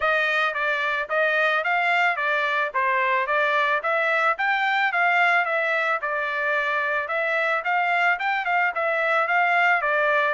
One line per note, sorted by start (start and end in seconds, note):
0.00 0.53 D#5
0.53 1.08 D5
1.09 1.64 D#5
1.64 2.16 F5
2.16 2.71 D5
2.73 3.27 C5
3.27 3.81 D5
3.82 4.37 E5
4.38 4.92 G5
4.92 5.45 F5
5.45 6.00 E5
6.01 7.08 D5
7.08 7.62 E5
7.64 8.18 F5
8.19 8.45 G5
8.45 8.72 F5
8.74 9.27 E5
9.27 9.81 F5
9.81 10.34 D5